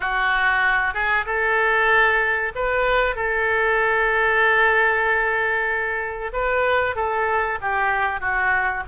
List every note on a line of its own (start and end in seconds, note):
0.00 0.93 F#4
0.93 1.25 G#4
1.26 2.52 A4
2.55 3.15 B4
3.15 6.31 A4
6.32 6.95 B4
6.95 7.58 A4
7.61 8.20 G4
8.20 8.83 F#4